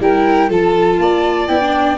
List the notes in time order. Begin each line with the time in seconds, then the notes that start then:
0.00 G3 E4 A#4 G5
0.49 F3 F4 A4 A5
0.98 A#3 D5
1.47 B3 E4 G5
1.60 D4